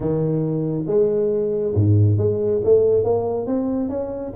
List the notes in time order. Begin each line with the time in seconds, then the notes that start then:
0.00 D#3
0.87 G#3
1.74 G#2
2.17 G#3
2.64 A3
3.04 A#3
3.46 C4
3.89 C#4